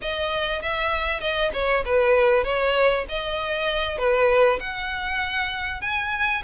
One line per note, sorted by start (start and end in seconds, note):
0.01 0.62 D#5
0.62 1.20 E5
1.20 1.51 D#5
1.53 1.83 C#5
1.85 2.44 B4
2.44 3.05 C#5
3.08 3.98 D#5
3.98 4.59 B4
4.60 5.81 F#5
5.81 6.42 G#5